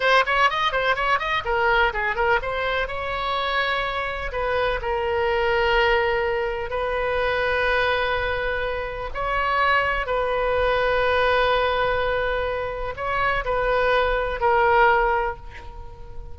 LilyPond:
\new Staff \with { instrumentName = "oboe" } { \time 4/4 \tempo 4 = 125 c''8 cis''8 dis''8 c''8 cis''8 dis''8 ais'4 | gis'8 ais'8 c''4 cis''2~ | cis''4 b'4 ais'2~ | ais'2 b'2~ |
b'2. cis''4~ | cis''4 b'2.~ | b'2. cis''4 | b'2 ais'2 | }